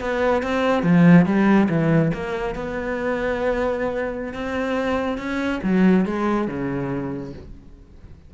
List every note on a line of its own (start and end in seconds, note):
0.00 0.43 B3
0.43 0.83 C4
0.83 1.26 F3
1.26 1.68 G3
1.69 2.12 E3
2.14 2.55 A#3
2.55 4.34 B3
4.34 5.18 C4
5.18 5.60 C#4
5.63 6.06 F#3
6.06 6.48 G#3
6.48 7.33 C#3